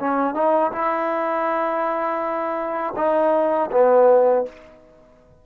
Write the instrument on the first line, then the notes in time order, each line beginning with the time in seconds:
trombone
0.00 C#4
0.35 D#4
0.72 E4
2.96 D#4
3.72 B3